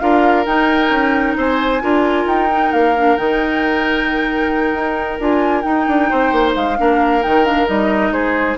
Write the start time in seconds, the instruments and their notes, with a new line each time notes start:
0.00 bassoon D4, clarinet F4, oboe A#4, flute F5
0.46 bassoon D#4, clarinet D#4, flute G5
0.90 bassoon C#4
1.38 bassoon C4, oboe C5, flute G#5
1.82 bassoon D4, clarinet F4, oboe A#4
2.26 bassoon D#4, flute G5
2.50 clarinet D#4
2.72 bassoon A#3, flute F5
2.97 clarinet D4
3.17 bassoon D#3, clarinet D#4, flute G5
4.74 bassoon D#4
5.20 bassoon D4, clarinet F4, flute G#5
5.62 clarinet D#4, bassoon D#4, flute G5
5.88 bassoon D4
6.10 bassoon C4, oboe C5
6.32 bassoon A#3
6.55 bassoon G#3, flute F5
6.77 bassoon A#3, clarinet D4, oboe A#4
7.22 bassoon D#3, clarinet D#4, flute G5
7.45 clarinet D4, flute F5
7.67 bassoon G3, clarinet D#4, flute D#5
8.11 bassoon G#3, oboe G#4, flute C5